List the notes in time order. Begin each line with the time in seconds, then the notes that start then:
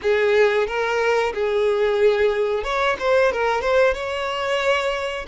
0.02 G#4
0.67 A#4
1.34 G#4
2.63 C#5
2.99 C5
3.32 A#4
3.61 C5
3.94 C#5